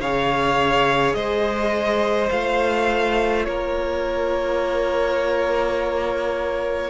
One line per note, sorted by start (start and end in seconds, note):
0.00 1.14 C#3
0.00 2.28 G#4
0.00 1.16 C#5
0.00 1.14 F5
1.14 2.30 G#3
1.14 3.47 C5
1.14 2.30 D#5
2.28 3.47 A3
2.28 6.89 F4
2.28 3.45 F5
3.45 6.90 A#3
3.45 6.90 A#4
3.45 6.90 C#5